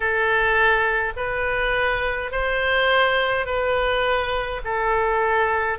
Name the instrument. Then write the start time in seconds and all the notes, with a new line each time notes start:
oboe
0.00 A4
1.16 B4
2.31 C5
3.46 B4
4.64 A4